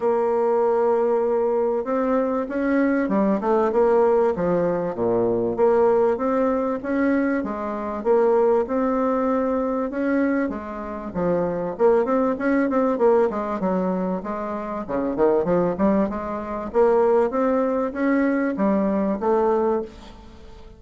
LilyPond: \new Staff \with { instrumentName = "bassoon" } { \time 4/4 \tempo 4 = 97 ais2. c'4 | cis'4 g8 a8 ais4 f4 | ais,4 ais4 c'4 cis'4 | gis4 ais4 c'2 |
cis'4 gis4 f4 ais8 c'8 | cis'8 c'8 ais8 gis8 fis4 gis4 | cis8 dis8 f8 g8 gis4 ais4 | c'4 cis'4 g4 a4 | }